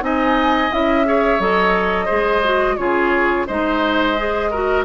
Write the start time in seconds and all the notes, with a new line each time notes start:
0.00 C4 D#4 D#5 G#5
0.71 C#4 E4 E5
1.05 G#4 C#5
1.39 F#3 A4 D#5
2.05 G#3 G#4 C5
2.43 F#4
2.76 C#3 F4 G#4 C#5
3.46 G#3 D#4 C5 D#5
4.17 G#4
4.50 F#4 A#4